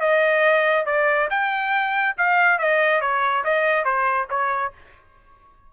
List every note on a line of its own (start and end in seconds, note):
0.00 0.86 D#5
0.86 1.28 D5
1.30 2.16 G5
2.17 2.59 F5
2.59 3.01 D#5
3.01 3.44 C#5
3.44 3.84 D#5
3.84 4.27 C5
4.30 4.73 C#5